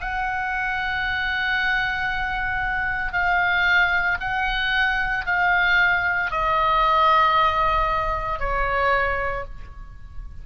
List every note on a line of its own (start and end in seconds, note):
0.00 3.12 F#5
3.12 4.18 F5
4.20 5.25 F#5
5.25 6.31 F5
6.31 8.39 D#5
8.39 9.44 C#5